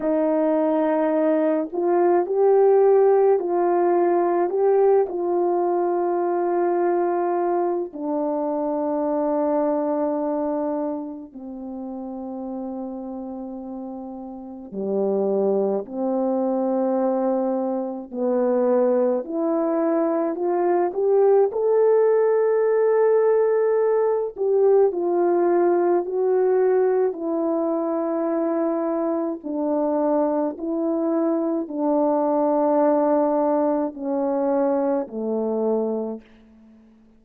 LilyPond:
\new Staff \with { instrumentName = "horn" } { \time 4/4 \tempo 4 = 53 dis'4. f'8 g'4 f'4 | g'8 f'2~ f'8 d'4~ | d'2 c'2~ | c'4 g4 c'2 |
b4 e'4 f'8 g'8 a'4~ | a'4. g'8 f'4 fis'4 | e'2 d'4 e'4 | d'2 cis'4 a4 | }